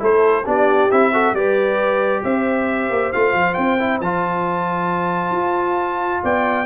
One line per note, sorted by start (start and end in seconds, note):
0.00 0.47 A3
0.00 0.44 E4
0.00 0.46 A4
0.00 0.48 C5
0.46 0.91 B3
0.46 0.90 D4
0.46 1.13 G4
0.46 0.92 D5
0.91 1.33 C4
0.91 1.14 E4
0.91 1.35 E5
1.13 1.36 F#4
1.13 1.36 A4
1.33 2.22 G3
1.33 3.15 G4
1.33 2.24 B4
1.33 2.24 D5
2.24 2.90 C4
2.24 6.23 C5
2.24 3.13 E5
2.90 3.13 A#3
3.13 3.34 A3
3.13 3.79 F4
3.13 3.54 F5
3.34 3.56 F3
3.54 4.01 C4
3.54 3.99 G5
3.79 4.02 E4
4.01 5.32 F3
4.01 6.66 F4
4.01 6.24 A5
5.32 6.21 F4
6.23 6.66 B3
6.23 6.66 D5
6.23 6.66 G5